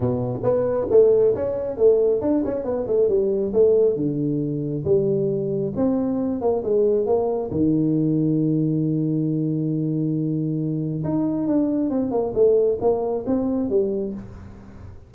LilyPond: \new Staff \with { instrumentName = "tuba" } { \time 4/4 \tempo 4 = 136 b,4 b4 a4 cis'4 | a4 d'8 cis'8 b8 a8 g4 | a4 d2 g4~ | g4 c'4. ais8 gis4 |
ais4 dis2.~ | dis1~ | dis4 dis'4 d'4 c'8 ais8 | a4 ais4 c'4 g4 | }